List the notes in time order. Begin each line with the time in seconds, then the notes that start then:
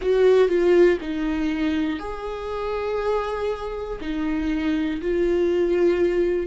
0.01 F#4
0.48 F4
1.00 D#4
1.99 G#4
4.00 D#4
5.00 F4